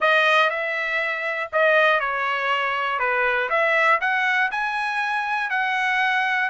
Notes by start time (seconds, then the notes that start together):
0.00 D#5
0.50 E5
1.52 D#5
2.00 C#5
2.99 B4
3.49 E5
4.00 F#5
4.51 G#5
5.50 F#5